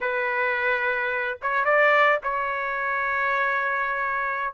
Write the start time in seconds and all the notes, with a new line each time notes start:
0.01 B4
1.42 C#5
1.64 D5
2.23 C#5